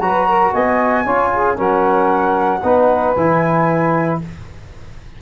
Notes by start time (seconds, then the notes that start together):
0.00 F#3 F#4 B4 A#5
0.27 A#4
0.53 B3 D#5 G#5
1.04 C#4 F4 C#5
1.33 G#4
1.56 F#3 C#4 A#4 F#5
2.63 B3 D#4 B4
3.13 E3 E4 G#5